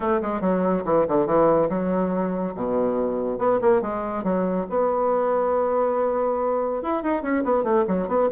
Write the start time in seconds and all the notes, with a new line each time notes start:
0.00 A3
0.21 G#3
0.40 F#3
0.84 E3
1.08 D3
1.26 E3
1.69 F#3
2.54 B2
3.38 B3
3.61 A#3
3.81 G#3
4.23 F#3
4.69 B3
6.82 E4
7.02 D#4
7.22 C#4
7.44 B3
7.63 A3
7.87 F#3
8.08 B3